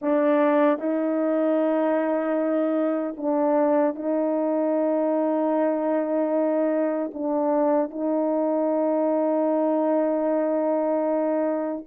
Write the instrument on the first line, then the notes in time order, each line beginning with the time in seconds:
horn
0.01 D4
0.79 D#4
3.17 D4
3.95 D#4
7.13 D4
7.90 D#4